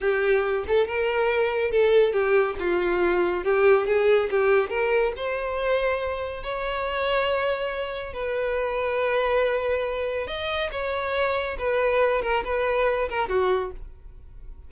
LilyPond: \new Staff \with { instrumentName = "violin" } { \time 4/4 \tempo 4 = 140 g'4. a'8 ais'2 | a'4 g'4 f'2 | g'4 gis'4 g'4 ais'4 | c''2. cis''4~ |
cis''2. b'4~ | b'1 | dis''4 cis''2 b'4~ | b'8 ais'8 b'4. ais'8 fis'4 | }